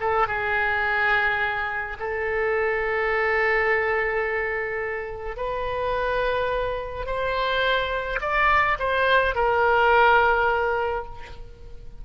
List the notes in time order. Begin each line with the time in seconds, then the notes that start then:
0.00 A4
0.27 G#4
1.99 A4
5.36 B4
7.06 C5
8.21 D5
8.79 C5
9.35 A#4